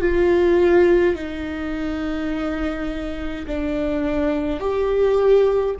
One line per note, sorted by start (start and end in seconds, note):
0.00 1.15 F4
1.15 3.46 D#4
3.47 4.60 D4
4.60 5.75 G4